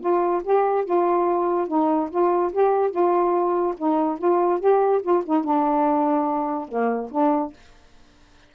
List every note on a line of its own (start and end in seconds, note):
0.00 0.42 F4
0.43 0.84 G4
0.84 1.67 F4
1.67 2.09 D#4
2.10 2.52 F4
2.52 2.91 G4
2.91 3.74 F4
3.77 4.18 D#4
4.18 4.60 F4
4.60 5.01 G4
5.02 5.23 F4
5.25 5.44 D#4
5.44 6.68 D4
6.68 7.09 A#3
7.11 7.52 D4